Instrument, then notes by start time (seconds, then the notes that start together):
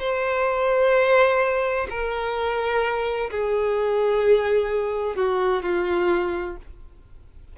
violin
0.00 C5
1.90 A#4
3.31 G#4
5.16 F#4
5.63 F4